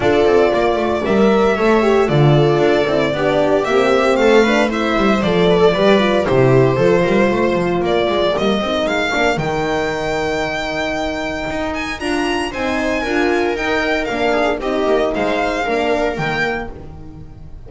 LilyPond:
<<
  \new Staff \with { instrumentName = "violin" } { \time 4/4 \tempo 4 = 115 d''2 e''2 | d''2. e''4 | f''4 e''4 d''2 | c''2. d''4 |
dis''4 f''4 g''2~ | g''2~ g''8 gis''8 ais''4 | gis''2 g''4 f''4 | dis''4 f''2 g''4 | }
  \new Staff \with { instrumentName = "viola" } { \time 4/4 a'4 d''2 cis''4 | a'2 g'2 | a'8 b'8 c''4. b'16 a'16 b'4 | g'4 a'8 ais'8 c''4 ais'4~ |
ais'1~ | ais'1 | c''4 ais'2~ ais'8 gis'8 | g'4 c''4 ais'2 | }
  \new Staff \with { instrumentName = "horn" } { \time 4/4 f'2 ais'4 a'8 g'8 | f'4. e'8 d'4 c'4~ | c'8 d'8 e'4 a'4 g'8 f'8 | e'4 f'2. |
ais8 dis'4 d'8 dis'2~ | dis'2. f'4 | dis'4 f'4 dis'4 d'4 | dis'2 d'4 ais4 | }
  \new Staff \with { instrumentName = "double bass" } { \time 4/4 d'8 c'8 ais8 a8 g4 a4 | d4 d'8 c'8 b4 ais4 | a4. g8 f4 g4 | c4 f8 g8 a8 f8 ais8 gis8 |
g8 c'8 gis8 ais8 dis2~ | dis2 dis'4 d'4 | c'4 d'4 dis'4 ais4 | c'8 ais8 gis4 ais4 dis4 | }
>>